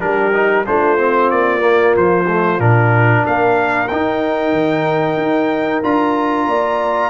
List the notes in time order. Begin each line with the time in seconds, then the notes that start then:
0.00 G3 D4 G4 A#4
0.33 D#4
0.67 A3 D4 F4 C5
0.99 C4
1.31 A#3 D5
1.61 A#3
1.97 F3 C5
2.28 A3
2.59 A#2 D4 A#4
3.25 A#3 A#4 F5
3.88 D#4 G5
4.53 D#3
5.18 D#4
5.84 D4 F4 A#5
6.48 A#3 D5